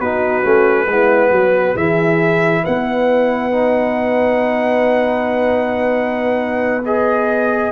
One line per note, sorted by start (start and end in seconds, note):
0.00 0.44 B3
0.00 0.44 D#4
0.00 0.88 F#4
0.00 1.77 B4
0.44 0.87 A3
0.44 0.88 C#4
0.87 1.32 G#3
0.87 1.77 B3
0.87 1.31 E4
1.31 1.76 F#3
1.31 1.74 F#4
1.74 2.64 E3
1.74 3.53 E4
1.74 2.63 G#4
1.74 2.65 E5
2.64 7.72 B3
2.64 7.72 B4
2.64 6.85 F#5
3.53 6.83 D#4
6.86 7.72 G#4
6.86 7.72 D#5